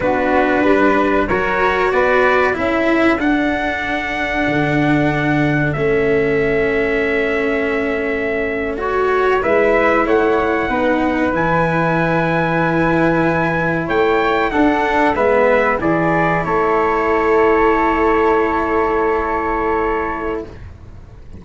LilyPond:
<<
  \new Staff \with { instrumentName = "trumpet" } { \time 4/4 \tempo 4 = 94 b'2 cis''4 d''4 | e''4 fis''2.~ | fis''4 e''2.~ | e''4.~ e''16 cis''4 e''4 fis''16~ |
fis''4.~ fis''16 gis''2~ gis''16~ | gis''4.~ gis''16 g''4 fis''4 e''16~ | e''8. d''4 cis''2~ cis''16~ | cis''1 | }
  \new Staff \with { instrumentName = "flute" } { \time 4/4 fis'4 b'4 ais'4 b'4 | a'1~ | a'1~ | a'2~ a'8. b'4 cis''16~ |
cis''8. b'2.~ b'16~ | b'4.~ b'16 cis''4 a'4 b'16~ | b'8. gis'4 a'2~ a'16~ | a'1 | }
  \new Staff \with { instrumentName = "cello" } { \time 4/4 d'2 fis'2 | e'4 d'2.~ | d'4 cis'2.~ | cis'4.~ cis'16 fis'4 e'4~ e'16~ |
e'8. dis'4 e'2~ e'16~ | e'2~ e'8. d'4 b16~ | b8. e'2.~ e'16~ | e'1 | }
  \new Staff \with { instrumentName = "tuba" } { \time 4/4 b4 g4 fis4 b4 | cis'4 d'2 d4~ | d4 a2.~ | a2~ a8. gis4 a16~ |
a8. b4 e2~ e16~ | e4.~ e16 a4 d'4 gis16~ | gis8. e4 a2~ a16~ | a1 | }
>>